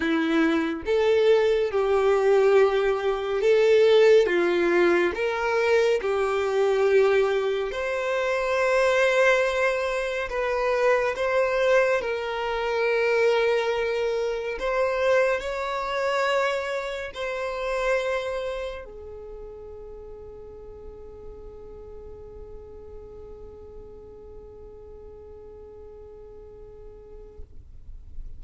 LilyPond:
\new Staff \with { instrumentName = "violin" } { \time 4/4 \tempo 4 = 70 e'4 a'4 g'2 | a'4 f'4 ais'4 g'4~ | g'4 c''2. | b'4 c''4 ais'2~ |
ais'4 c''4 cis''2 | c''2 gis'2~ | gis'1~ | gis'1 | }